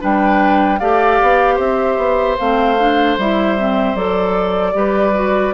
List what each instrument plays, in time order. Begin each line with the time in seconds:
0.00 bassoon G3, clarinet D4, oboe B4, flute G5
0.79 bassoon A3, clarinet G4, oboe D5, flute F5
1.22 bassoon B3
1.55 bassoon C4, oboe C5, flute E5
1.97 bassoon B3
2.38 bassoon A3, clarinet C4, flute F5
2.79 clarinet D4
3.18 bassoon G3, clarinet E4, flute E5
3.58 clarinet C4
3.95 bassoon F#3, clarinet A4, flute D5
4.74 bassoon G3, clarinet G4, oboe B4
5.14 clarinet F#4